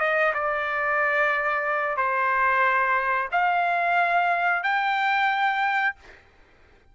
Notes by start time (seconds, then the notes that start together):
0.00 D#5
0.34 D5
1.97 C5
3.32 F5
4.64 G5